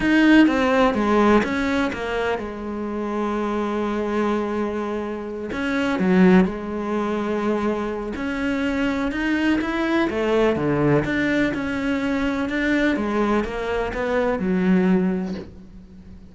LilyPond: \new Staff \with { instrumentName = "cello" } { \time 4/4 \tempo 4 = 125 dis'4 c'4 gis4 cis'4 | ais4 gis2.~ | gis2.~ gis8 cis'8~ | cis'8 fis4 gis2~ gis8~ |
gis4 cis'2 dis'4 | e'4 a4 d4 d'4 | cis'2 d'4 gis4 | ais4 b4 fis2 | }